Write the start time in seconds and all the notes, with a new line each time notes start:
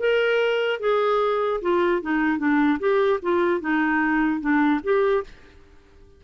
0.00 A#4
0.80 G#4
1.62 F4
2.02 D#4
2.39 D4
2.80 G4
3.23 F4
3.61 D#4
4.41 D4
4.84 G4